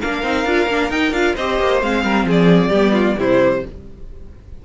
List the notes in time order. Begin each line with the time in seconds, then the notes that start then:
0.00 A#3 D4 A#4 F5
0.23 C4 D#4
0.45 D4 F4
0.66 A#3 D4
0.89 D#4 G5
1.12 D4 F4 F5
1.35 C4 G4 C5 D#5
1.59 A#3
1.81 G#3 C4 F5
2.04 G3 A#4
2.25 F3 G#4
2.31 D5
2.69 G3 B3 G4
2.93 F4
3.16 C3 G3 E4 C5